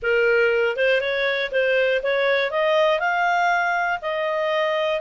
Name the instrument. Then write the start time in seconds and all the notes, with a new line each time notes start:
clarinet
0.02 A#4
0.76 C5
1.00 C#5
1.51 C5
2.02 C#5
2.50 D#5
2.99 F5
4.01 D#5